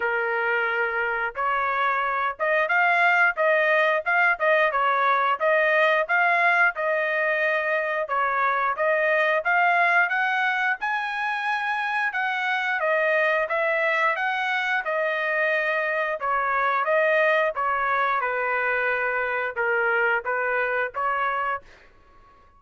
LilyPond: \new Staff \with { instrumentName = "trumpet" } { \time 4/4 \tempo 4 = 89 ais'2 cis''4. dis''8 | f''4 dis''4 f''8 dis''8 cis''4 | dis''4 f''4 dis''2 | cis''4 dis''4 f''4 fis''4 |
gis''2 fis''4 dis''4 | e''4 fis''4 dis''2 | cis''4 dis''4 cis''4 b'4~ | b'4 ais'4 b'4 cis''4 | }